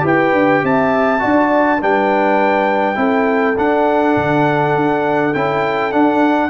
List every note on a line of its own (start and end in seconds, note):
0.00 0.33 E4
0.00 1.18 G4
0.00 0.63 B4
0.07 0.65 G5
0.33 0.62 D4
0.63 1.22 C4
0.63 1.22 E5
0.63 1.82 A5
1.19 1.81 D4
1.19 1.78 F#4
1.19 1.81 D5
1.81 2.97 G3
1.81 2.95 D4
1.81 2.99 B4
1.81 3.58 G5
2.95 3.56 C4
2.95 3.54 E4
2.95 6.49 A4
3.58 4.16 D4
3.58 5.34 D4
3.58 5.34 F#5
4.17 4.75 D3
4.75 5.34 D4
5.34 5.93 C#4
5.34 5.92 E4
5.34 5.92 G5
5.92 6.49 D4
5.92 6.49 F#5